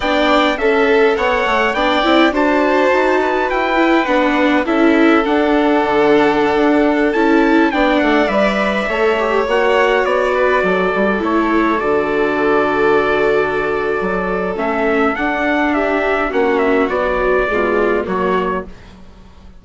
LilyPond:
<<
  \new Staff \with { instrumentName = "trumpet" } { \time 4/4 \tempo 4 = 103 g''4 e''4 fis''4 g''4 | a''2 g''4 fis''4 | e''4 fis''2.~ | fis''16 a''4 g''8 fis''8 e''4.~ e''16~ |
e''16 fis''4 d''2 cis''8.~ | cis''16 d''2.~ d''8.~ | d''4 e''4 fis''4 e''4 | fis''8 e''8 d''2 cis''4 | }
  \new Staff \with { instrumentName = "violin" } { \time 4/4 d''4 a'4 cis''4 d''4 | c''4. b'2~ b'8 | a'1~ | a'4~ a'16 d''2 cis''8.~ |
cis''4.~ cis''16 b'8 a'4.~ a'16~ | a'1~ | a'2. g'4 | fis'2 f'4 fis'4 | }
  \new Staff \with { instrumentName = "viola" } { \time 4/4 d'4 a'2 d'8 e'8 | fis'2~ fis'8 e'8 d'4 | e'4 d'2.~ | d'16 e'4 d'4 b'4 a'8 g'16~ |
g'16 fis'2. e'8.~ | e'16 fis'2.~ fis'8.~ | fis'4 cis'4 d'2 | cis'4 fis4 gis4 ais4 | }
  \new Staff \with { instrumentName = "bassoon" } { \time 4/4 b4 cis'4 b8 a8 b8 c'8 | d'4 dis'4 e'4 b4 | cis'4 d'4 d4~ d16 d'8.~ | d'16 cis'4 b8 a8 g4 a8.~ |
a16 ais4 b4 fis8 g8 a8.~ | a16 d2.~ d8. | fis4 a4 d'2 | ais4 b4 b,4 fis4 | }
>>